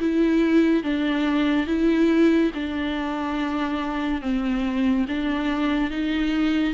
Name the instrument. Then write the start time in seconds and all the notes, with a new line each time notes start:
viola
0.00 E4
0.84 D4
1.67 E4
2.54 D4
4.22 C4
5.09 D4
5.91 D#4